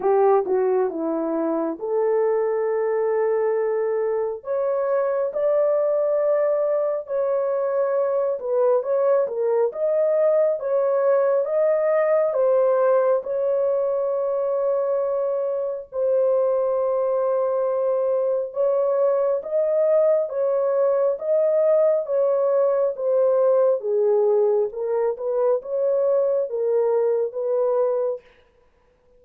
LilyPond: \new Staff \with { instrumentName = "horn" } { \time 4/4 \tempo 4 = 68 g'8 fis'8 e'4 a'2~ | a'4 cis''4 d''2 | cis''4. b'8 cis''8 ais'8 dis''4 | cis''4 dis''4 c''4 cis''4~ |
cis''2 c''2~ | c''4 cis''4 dis''4 cis''4 | dis''4 cis''4 c''4 gis'4 | ais'8 b'8 cis''4 ais'4 b'4 | }